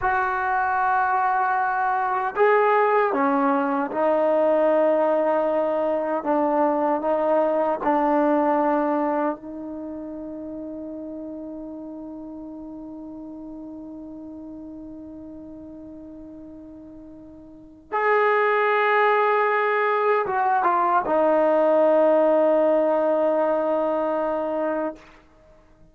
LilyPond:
\new Staff \with { instrumentName = "trombone" } { \time 4/4 \tempo 4 = 77 fis'2. gis'4 | cis'4 dis'2. | d'4 dis'4 d'2 | dis'1~ |
dis'1~ | dis'2. gis'4~ | gis'2 fis'8 f'8 dis'4~ | dis'1 | }